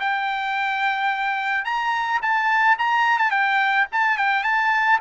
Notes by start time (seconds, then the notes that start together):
0.00 G5
1.65 A#5
2.22 A5
2.79 A#5
3.18 A5
3.31 G5
3.92 A5
4.18 G5
4.44 A5